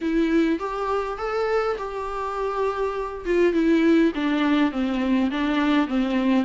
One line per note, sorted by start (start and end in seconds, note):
0.01 0.59 E4
0.59 1.18 G4
1.18 1.76 A4
1.77 3.24 G4
3.25 3.53 F4
3.53 4.11 E4
4.14 4.71 D4
4.71 5.30 C4
5.30 5.87 D4
5.87 6.44 C4